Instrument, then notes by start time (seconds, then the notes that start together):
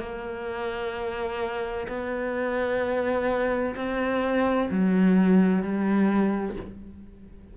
cello
0.00 A#3
1.88 B3
3.76 C4
4.71 F#3
5.63 G3